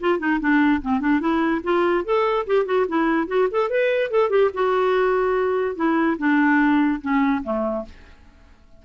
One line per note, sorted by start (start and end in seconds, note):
0.00 0.19 F4
0.19 0.39 D#4
0.40 0.81 D4
0.82 1.00 C4
1.00 1.20 D4
1.20 1.61 E4
1.63 2.04 F4
2.04 2.46 A4
2.46 2.65 G4
2.65 2.86 F#4
2.88 3.27 E4
3.27 3.48 F#4
3.51 3.69 A4
3.69 4.10 B4
4.10 4.29 A4
4.29 4.50 G4
4.54 5.75 F#4
5.75 6.17 E4
6.18 7.01 D4
7.01 7.42 C#4
7.43 7.85 A3